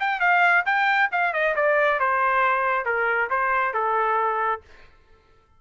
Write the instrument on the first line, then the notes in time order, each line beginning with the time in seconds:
trumpet
0.00 G5
0.20 F5
0.66 G5
1.12 F5
1.33 D#5
1.56 D5
2.00 C5
2.85 A#4
3.30 C5
3.74 A4